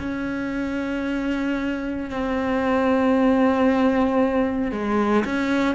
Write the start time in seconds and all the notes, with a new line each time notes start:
0.00 C#4
2.11 C4
4.72 G#3
5.25 C#4